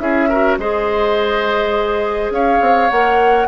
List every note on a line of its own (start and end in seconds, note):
0.00 0.58 C#4
0.00 0.30 E4
0.00 0.29 G#4
0.00 0.58 E5
0.29 0.61 F#4
0.29 0.58 A#4
0.59 2.31 G#3
0.59 2.91 G#4
0.59 2.33 C5
0.59 2.33 D#5
2.31 2.60 C#4
2.31 3.48 C#5
2.31 2.90 F5
2.61 2.90 C4
2.90 3.48 A#3
2.90 3.48 A#4
2.90 3.48 F#5